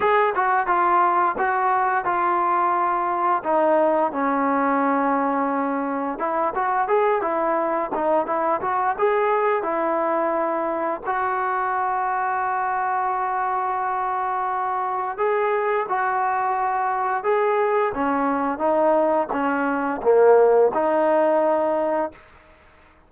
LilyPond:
\new Staff \with { instrumentName = "trombone" } { \time 4/4 \tempo 4 = 87 gis'8 fis'8 f'4 fis'4 f'4~ | f'4 dis'4 cis'2~ | cis'4 e'8 fis'8 gis'8 e'4 dis'8 | e'8 fis'8 gis'4 e'2 |
fis'1~ | fis'2 gis'4 fis'4~ | fis'4 gis'4 cis'4 dis'4 | cis'4 ais4 dis'2 | }